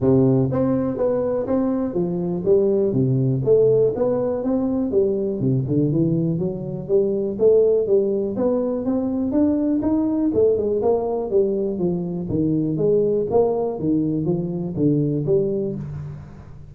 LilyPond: \new Staff \with { instrumentName = "tuba" } { \time 4/4 \tempo 4 = 122 c4 c'4 b4 c'4 | f4 g4 c4 a4 | b4 c'4 g4 c8 d8 | e4 fis4 g4 a4 |
g4 b4 c'4 d'4 | dis'4 a8 gis8 ais4 g4 | f4 dis4 gis4 ais4 | dis4 f4 d4 g4 | }